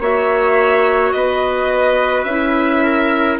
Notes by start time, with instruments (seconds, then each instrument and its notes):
0.00 bassoon A#3, clarinet F#4, trumpet C#5, violin E5
1.12 bassoon B3, trumpet B4, violin D#5
2.24 bassoon C#4, clarinet E4, violin E5
2.83 trumpet A#4